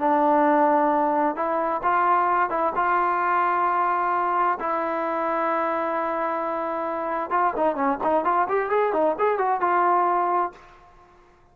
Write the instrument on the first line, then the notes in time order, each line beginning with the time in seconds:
trombone
0.00 D4
1.36 E4
1.83 F4
2.50 E4
2.76 F4
4.60 E4
7.31 F4
7.57 D#4
7.76 C#4
8.04 D#4
8.25 F4
8.49 G4
8.70 G#4
8.93 D#4
9.19 G#4
9.39 F#4
9.61 F4